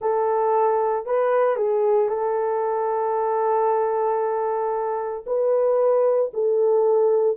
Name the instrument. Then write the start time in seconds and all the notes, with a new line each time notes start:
horn
0.01 A4
1.06 B4
1.56 G#4
2.08 A4
5.26 B4
6.33 A4